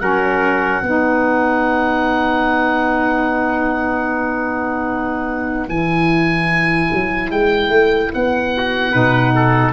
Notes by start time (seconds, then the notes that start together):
0.00 F#3 C#4 A#4 F#5
0.82 B3 D#4 B4
5.68 E3 E4 G#5
6.92 F#3
7.30 G#3 G5
7.69 A3
8.14 B3 F#5
8.57 F#4
8.91 B2 D#4 B4
9.35 A4